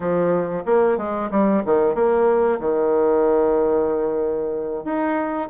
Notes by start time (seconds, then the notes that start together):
0.00 F3
0.65 A#3
0.97 G#3
1.30 G3
1.65 D#3
1.94 A#3
2.59 D#3
4.84 D#4